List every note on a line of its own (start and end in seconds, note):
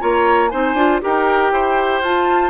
0.00 0.53 A#3
0.00 0.51 F4
0.00 0.51 C#5
0.00 0.49 A#5
0.49 0.74 C4
0.49 0.76 D#4
0.49 1.02 C5
0.49 1.00 G#5
0.74 1.00 D4
0.74 1.02 F4
1.02 1.52 D#4
1.02 2.03 G4
1.02 1.53 A#4
1.02 2.04 G5
1.52 2.01 E4
1.52 2.51 C5
2.01 2.51 F4
2.01 2.51 A5